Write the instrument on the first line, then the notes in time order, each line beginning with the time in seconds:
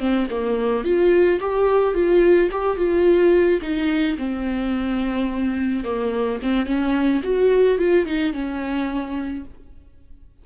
viola
0.00 C4
0.31 A#3
0.85 F4
1.41 G4
1.94 F4
2.52 G4
2.78 F4
3.62 D#4
4.18 C4
5.85 A#3
6.43 C4
6.66 C#4
7.24 F#4
7.79 F4
8.06 D#4
8.33 C#4